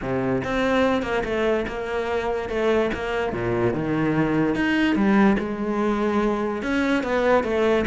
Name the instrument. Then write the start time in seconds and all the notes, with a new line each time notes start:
cello
0.01 C3
0.44 C4
1.02 A#3
1.24 A3
1.67 A#3
2.49 A3
2.94 A#3
3.33 A#2
3.73 D#3
4.55 D#4
4.95 G3
5.38 G#3
6.62 C#4
7.03 B3
7.43 A3